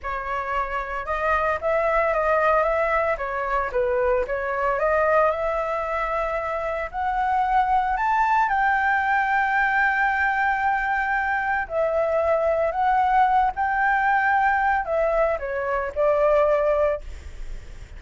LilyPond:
\new Staff \with { instrumentName = "flute" } { \time 4/4 \tempo 4 = 113 cis''2 dis''4 e''4 | dis''4 e''4 cis''4 b'4 | cis''4 dis''4 e''2~ | e''4 fis''2 a''4 |
g''1~ | g''2 e''2 | fis''4. g''2~ g''8 | e''4 cis''4 d''2 | }